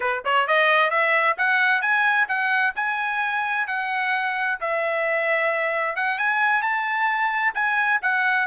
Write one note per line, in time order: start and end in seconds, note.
0.00 0.23 B4
0.25 0.47 C#5
0.47 0.90 D#5
0.90 1.36 E5
1.37 1.81 F#5
1.81 2.27 G#5
2.28 2.74 F#5
2.75 3.67 G#5
3.67 4.58 F#5
4.60 5.95 E5
5.95 6.18 F#5
6.18 6.62 G#5
6.62 7.53 A5
7.54 8.00 G#5
8.02 8.47 F#5